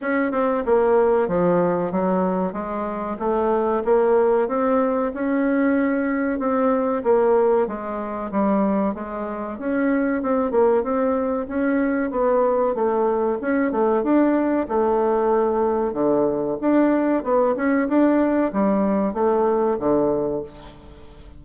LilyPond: \new Staff \with { instrumentName = "bassoon" } { \time 4/4 \tempo 4 = 94 cis'8 c'8 ais4 f4 fis4 | gis4 a4 ais4 c'4 | cis'2 c'4 ais4 | gis4 g4 gis4 cis'4 |
c'8 ais8 c'4 cis'4 b4 | a4 cis'8 a8 d'4 a4~ | a4 d4 d'4 b8 cis'8 | d'4 g4 a4 d4 | }